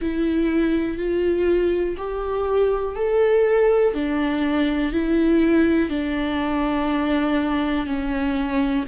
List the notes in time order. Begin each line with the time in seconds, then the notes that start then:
0.00 E4
0.97 F4
1.97 G4
2.95 A4
3.93 D4
4.92 E4
5.89 D4
7.86 C#4